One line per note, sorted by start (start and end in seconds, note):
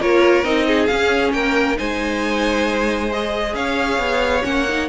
0.00 0.44 A#3
0.00 0.44 F4
0.00 0.67 A#4
0.00 0.45 C#5
0.44 0.89 C4
0.44 0.88 D#4
0.44 0.86 D#5
0.67 1.34 G#4
0.86 1.77 C#4
0.86 1.33 C#4
0.86 1.31 F5
1.33 1.78 A#3
1.33 1.78 A#4
1.33 1.77 G5
1.77 3.55 G#3
1.77 3.10 D#4
1.77 3.56 C5
1.77 3.12 G#5
3.12 4.43 G#4
3.12 3.56 D#5
3.55 3.99 C#4
3.55 4.89 C#5
3.55 4.44 F5
3.99 4.43 B3
4.43 4.89 A#3
4.43 4.66 C#4
4.43 4.89 F#5
4.69 4.89 D#4